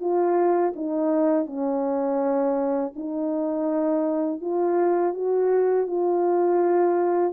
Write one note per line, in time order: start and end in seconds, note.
0.00 0.73 F4
0.75 1.46 D#4
1.46 2.92 C#4
2.95 4.41 D#4
4.41 5.14 F4
5.14 5.87 F#4
5.87 7.33 F4